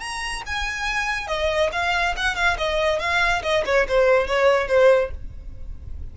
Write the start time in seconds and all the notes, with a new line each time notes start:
0.00 A#5
0.46 G#5
1.27 D#5
1.72 F5
2.17 F#5
2.36 F5
2.58 D#5
2.99 F5
3.43 D#5
3.66 C#5
3.88 C5
4.27 C#5
4.68 C5